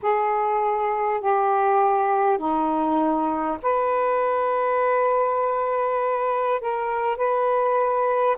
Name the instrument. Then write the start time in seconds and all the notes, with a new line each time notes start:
saxophone
0.02 G#4
1.20 G4
2.37 D#4
3.62 B4
6.60 A#4
7.17 B4